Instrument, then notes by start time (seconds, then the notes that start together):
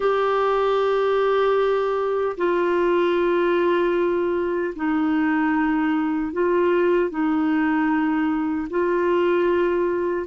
clarinet
0.00 G4
2.37 F4
4.75 D#4
6.32 F4
7.10 D#4
8.70 F4